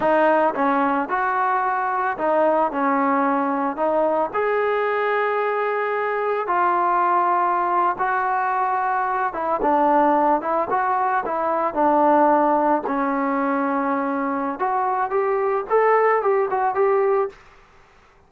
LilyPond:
\new Staff \with { instrumentName = "trombone" } { \time 4/4 \tempo 4 = 111 dis'4 cis'4 fis'2 | dis'4 cis'2 dis'4 | gis'1 | f'2~ f'8. fis'4~ fis'16~ |
fis'4~ fis'16 e'8 d'4. e'8 fis'16~ | fis'8. e'4 d'2 cis'16~ | cis'2. fis'4 | g'4 a'4 g'8 fis'8 g'4 | }